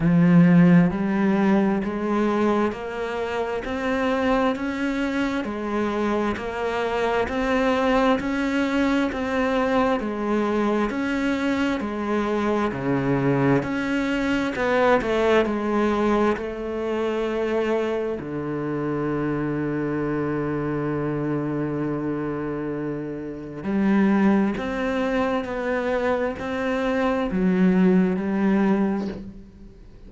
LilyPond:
\new Staff \with { instrumentName = "cello" } { \time 4/4 \tempo 4 = 66 f4 g4 gis4 ais4 | c'4 cis'4 gis4 ais4 | c'4 cis'4 c'4 gis4 | cis'4 gis4 cis4 cis'4 |
b8 a8 gis4 a2 | d1~ | d2 g4 c'4 | b4 c'4 fis4 g4 | }